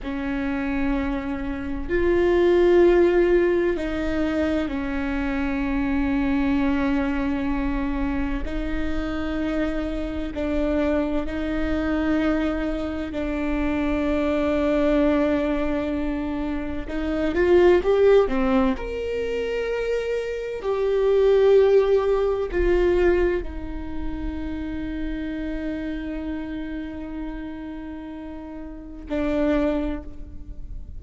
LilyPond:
\new Staff \with { instrumentName = "viola" } { \time 4/4 \tempo 4 = 64 cis'2 f'2 | dis'4 cis'2.~ | cis'4 dis'2 d'4 | dis'2 d'2~ |
d'2 dis'8 f'8 g'8 c'8 | ais'2 g'2 | f'4 dis'2.~ | dis'2. d'4 | }